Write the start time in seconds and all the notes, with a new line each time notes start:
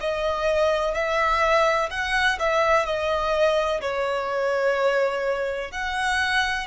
0.00 D#5
0.94 E5
1.90 F#5
2.39 E5
2.85 D#5
3.81 C#5
5.71 F#5